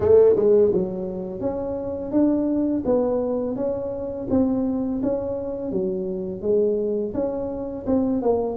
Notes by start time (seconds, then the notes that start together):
0.00 A3
0.36 G#3
0.73 F#3
1.40 C#4
2.11 D4
2.85 B3
3.56 C#4
4.30 C4
5.02 C#4
5.71 F#3
6.41 G#3
7.14 C#4
7.86 C4
8.21 A#3